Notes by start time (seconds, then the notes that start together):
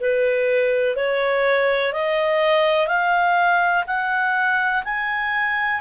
0.00 B4
0.96 C#5
1.93 D#5
2.87 F5
3.87 F#5
4.84 G#5